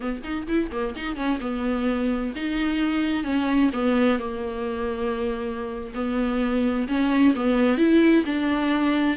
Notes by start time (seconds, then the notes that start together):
0.00 B3
0.23 D#4
0.47 E4
0.71 A#3
0.95 D#4
1.15 C#4
1.40 B3
2.35 D#4
3.23 C#4
3.73 B3
4.18 A#3
5.94 B3
6.88 C#4
7.35 B3
7.77 E4
8.25 D4